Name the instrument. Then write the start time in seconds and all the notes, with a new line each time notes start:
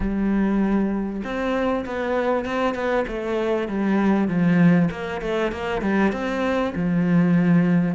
cello
0.00 G3
1.24 C4
1.85 B3
2.45 C4
2.74 B3
3.07 A3
3.68 G3
4.27 F3
4.90 A#3
5.21 A3
5.52 A#3
5.81 G3
6.12 C4
6.75 F3